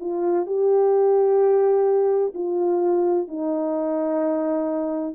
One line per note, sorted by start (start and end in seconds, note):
0.00 0.46 F4
0.46 2.33 G4
2.34 3.28 F4
3.28 5.15 D#4